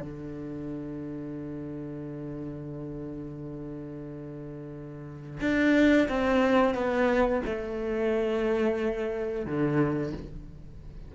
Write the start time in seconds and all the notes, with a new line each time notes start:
0.00 D3
5.41 D4
6.09 C4
6.74 B3
7.46 A3
9.46 D3